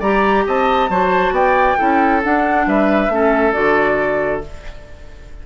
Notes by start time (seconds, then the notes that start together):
0.00 G3 G4 D5 A#5
0.47 C4 D#5 A5
0.90 F#3 F#4 C5
1.31 B3 D5 G5
1.78 C#4 E4 A4
2.24 D4 F#5
2.67 G3 B4 E5
3.09 A3 C#4 A4
3.53 D3 F#4 D5